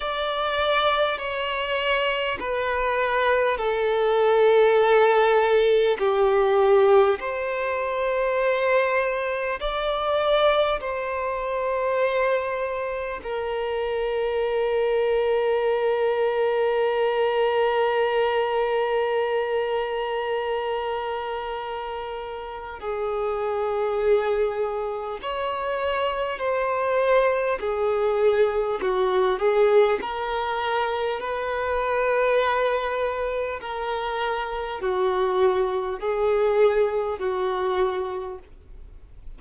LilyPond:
\new Staff \with { instrumentName = "violin" } { \time 4/4 \tempo 4 = 50 d''4 cis''4 b'4 a'4~ | a'4 g'4 c''2 | d''4 c''2 ais'4~ | ais'1~ |
ais'2. gis'4~ | gis'4 cis''4 c''4 gis'4 | fis'8 gis'8 ais'4 b'2 | ais'4 fis'4 gis'4 fis'4 | }